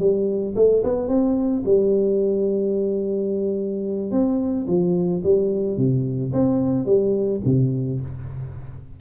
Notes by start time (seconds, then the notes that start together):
0.00 G3
0.56 A3
0.84 B3
1.08 C4
1.66 G3
4.11 C4
4.67 F3
5.24 G3
5.78 C3
6.33 C4
6.86 G3
7.46 C3